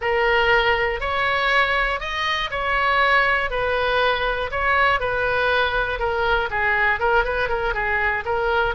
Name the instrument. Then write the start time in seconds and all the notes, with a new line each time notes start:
oboe
0.01 A#4
1.00 C#5
2.00 D#5
2.50 C#5
3.50 B4
4.51 C#5
5.00 B4
5.99 A#4
6.50 G#4
6.99 A#4
7.24 B4
7.48 A#4
7.74 G#4
8.25 A#4